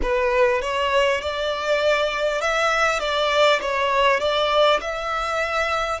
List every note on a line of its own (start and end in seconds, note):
0.02 0.61 B4
0.61 1.21 C#5
1.21 2.41 D5
2.41 2.99 E5
2.99 3.59 D5
3.61 4.20 C#5
4.20 4.80 D5
4.80 6.00 E5